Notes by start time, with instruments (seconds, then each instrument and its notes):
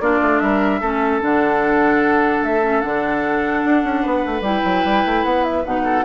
0.00 bassoon A#3, clarinet D4, oboe F4, flute D5
0.21 bassoon A3
0.40 bassoon G3, oboe A#4, flute E5
0.80 bassoon A3, clarinet C#4, oboe A4
1.21 bassoon D3, clarinet D4, flute F#5
2.42 bassoon A3, flute E5
2.62 clarinet C#4
2.81 bassoon D3, clarinet D4, flute F#5
3.64 bassoon D4
3.84 bassoon C#4
4.02 bassoon B3, oboe B4
4.26 bassoon A3
4.41 bassoon G3, clarinet E4, flute G5
4.64 bassoon F#3
4.85 bassoon G3
5.05 bassoon A3
5.24 bassoon B3, flute F#5
5.44 flute E5
5.65 bassoon B2, clarinet D#4, flute F#5
5.84 oboe A4